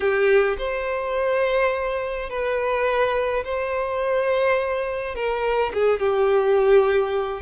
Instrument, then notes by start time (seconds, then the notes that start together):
violin
0.00 G4
0.58 C5
2.29 B4
3.44 C5
5.15 A#4
5.73 G#4
5.99 G4